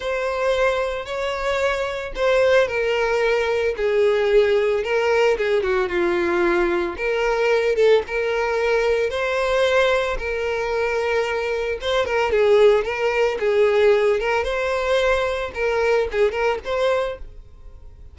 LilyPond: \new Staff \with { instrumentName = "violin" } { \time 4/4 \tempo 4 = 112 c''2 cis''2 | c''4 ais'2 gis'4~ | gis'4 ais'4 gis'8 fis'8 f'4~ | f'4 ais'4. a'8 ais'4~ |
ais'4 c''2 ais'4~ | ais'2 c''8 ais'8 gis'4 | ais'4 gis'4. ais'8 c''4~ | c''4 ais'4 gis'8 ais'8 c''4 | }